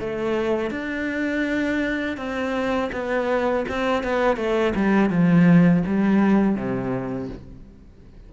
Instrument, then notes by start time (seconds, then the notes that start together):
cello
0.00 A3
0.71 D4
2.17 C4
2.92 B3
3.69 C4
4.04 B3
4.37 A3
4.75 G3
5.10 F3
5.87 G3
6.56 C3